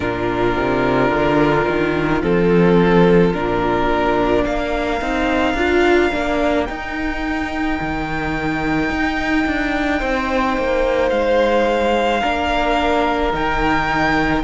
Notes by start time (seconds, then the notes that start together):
0.00 A#2 D4 F4 A#4
0.56 C3
1.10 D3
1.68 D#3
2.21 F3 C4 A4
3.33 A#2 D4 A#4
4.43 A#3 A#4 F5
5.00 C4 D#4
5.53 D4 F4
6.12 A#3 D4
6.64 D#4 G5
7.80 D#3
8.90 D#4
9.46 D4
9.99 C4 C5
10.57 A#3
11.09 G#3 F5
12.20 A#3 D4 A#4
13.32 D#3 D#4 G5